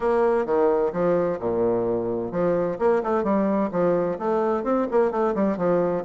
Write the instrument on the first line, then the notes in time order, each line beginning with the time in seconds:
bassoon
0.00 A#3
0.45 D#3
0.92 F3
1.39 A#2
2.31 F3
2.79 A#3
3.03 A3
3.23 G3
3.71 F3
4.18 A3
4.63 C4
4.91 A#3
5.11 A3
5.35 G3
5.57 F3